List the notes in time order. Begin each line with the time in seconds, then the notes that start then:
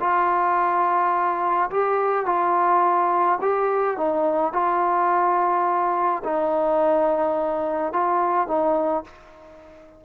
0.00 F4
1.70 G4
2.25 F4
3.41 G4
3.97 D#4
4.53 F4
6.24 D#4
7.93 F4
8.48 D#4